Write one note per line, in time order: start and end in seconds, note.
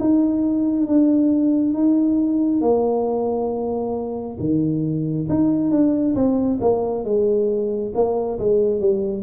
0.00 0.87 D#4
0.87 1.74 D4
1.74 2.61 D#4
2.61 4.38 A#3
4.40 5.28 D#3
5.29 5.71 D#4
5.71 6.15 D4
6.15 6.59 C4
6.61 7.04 A#3
7.04 7.93 G#3
7.95 8.39 A#3
8.39 8.80 G#3
8.80 9.23 G3